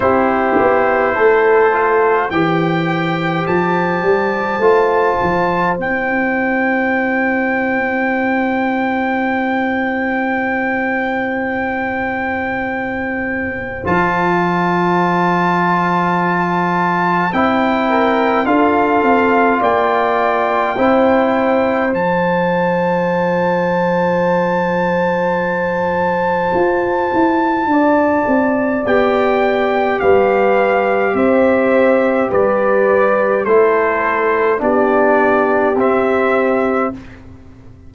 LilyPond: <<
  \new Staff \with { instrumentName = "trumpet" } { \time 4/4 \tempo 4 = 52 c''2 g''4 a''4~ | a''4 g''2.~ | g''1 | a''2. g''4 |
f''4 g''2 a''4~ | a''1~ | a''4 g''4 f''4 e''4 | d''4 c''4 d''4 e''4 | }
  \new Staff \with { instrumentName = "horn" } { \time 4/4 g'4 a'4 c''2~ | c''1~ | c''1~ | c''2.~ c''8 ais'8 |
a'4 d''4 c''2~ | c''1 | d''2 b'4 c''4 | b'4 a'4 g'2 | }
  \new Staff \with { instrumentName = "trombone" } { \time 4/4 e'4. f'8 g'2 | f'4 e'2.~ | e'1 | f'2. e'4 |
f'2 e'4 f'4~ | f'1~ | f'4 g'2.~ | g'4 e'4 d'4 c'4 | }
  \new Staff \with { instrumentName = "tuba" } { \time 4/4 c'8 b8 a4 e4 f8 g8 | a8 f8 c'2.~ | c'1 | f2. c'4 |
d'8 c'8 ais4 c'4 f4~ | f2. f'8 e'8 | d'8 c'8 b4 g4 c'4 | g4 a4 b4 c'4 | }
>>